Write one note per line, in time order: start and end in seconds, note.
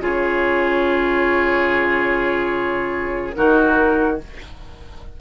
0.00 3.33 C#3
0.00 3.35 F4
0.00 3.35 G#4
0.00 3.34 C#5
3.34 4.20 D#3
3.34 4.18 D#4
3.34 4.20 F#4
3.34 4.18 A#4